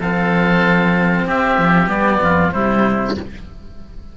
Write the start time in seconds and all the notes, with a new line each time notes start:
0.00 F3 C4 A4 F5
1.26 C4 G4 E5
1.58 F3
1.87 G3 B3 D5
2.22 F2 F4
2.52 C3 G3 E4 C5